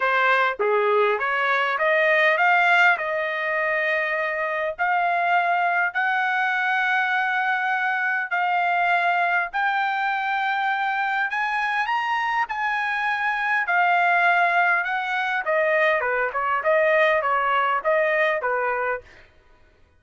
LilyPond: \new Staff \with { instrumentName = "trumpet" } { \time 4/4 \tempo 4 = 101 c''4 gis'4 cis''4 dis''4 | f''4 dis''2. | f''2 fis''2~ | fis''2 f''2 |
g''2. gis''4 | ais''4 gis''2 f''4~ | f''4 fis''4 dis''4 b'8 cis''8 | dis''4 cis''4 dis''4 b'4 | }